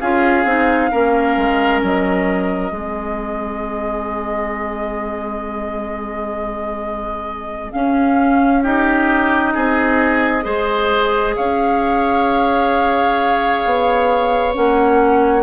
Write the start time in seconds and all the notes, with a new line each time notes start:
0.00 C#4 F4 G#4 F5
0.45 C4 D#4
0.91 A#3 C#4 A#4
1.37 G#3
1.83 F#3 D#5
2.71 G#3 C4 G#4
7.72 C#4 F5
8.63 D#4 G4 D#5
9.54 C4 G#4
10.43 G#3 G#4 C5
11.36 C#4 C#5 F5
13.65 B3
14.54 A#3 C#4 F#5